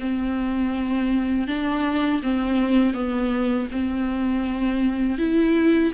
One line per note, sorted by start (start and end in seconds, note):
0.00 1.47 C4
1.47 2.21 D4
2.23 2.94 C4
2.94 3.68 B3
3.71 5.19 C4
5.19 5.93 E4